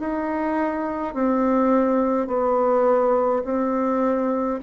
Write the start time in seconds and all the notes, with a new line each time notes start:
0.00 D#4
1.14 C4
2.28 B3
3.45 C4